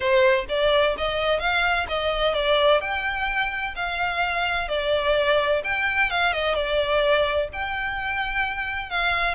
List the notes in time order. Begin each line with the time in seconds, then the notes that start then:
0.00 C5
0.49 D5
0.97 D#5
1.39 F5
1.88 D#5
2.34 D5
2.80 G5
3.75 F5
4.68 D5
5.64 G5
6.10 F5
6.32 D#5
6.55 D5
7.52 G5
8.90 F5